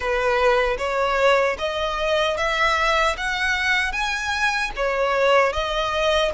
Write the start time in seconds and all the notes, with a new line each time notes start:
0.00 B4
0.78 C#5
1.58 D#5
2.37 E5
3.17 F#5
3.92 G#5
4.75 C#5
5.52 D#5